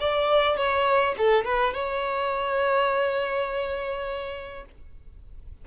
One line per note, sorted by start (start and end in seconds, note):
0.00 0.57 D5
0.57 1.15 C#5
1.18 1.45 A4
1.45 1.74 B4
1.74 4.65 C#5